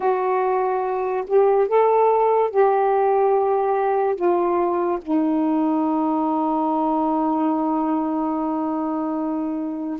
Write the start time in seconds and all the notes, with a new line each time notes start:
0.00 F#4
1.26 G4
1.68 A4
2.50 G4
4.15 F4
5.01 D#4